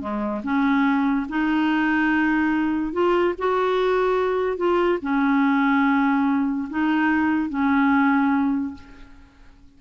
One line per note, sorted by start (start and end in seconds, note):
0.00 0.42 G#3
0.43 1.27 C#4
1.29 2.92 D#4
2.92 3.34 F4
3.38 4.57 F#4
4.57 4.98 F4
5.02 6.68 C#4
6.70 7.49 D#4
7.49 8.74 C#4